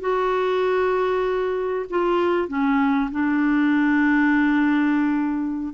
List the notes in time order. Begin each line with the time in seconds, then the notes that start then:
0.00 F#4
1.90 F4
2.48 C#4
3.11 D4